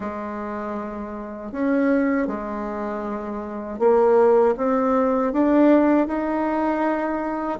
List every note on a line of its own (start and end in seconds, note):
0.00 1.52 G#3
1.52 2.27 C#4
2.27 3.79 G#3
3.79 4.55 A#3
4.57 5.33 C4
5.33 6.07 D4
6.07 7.59 D#4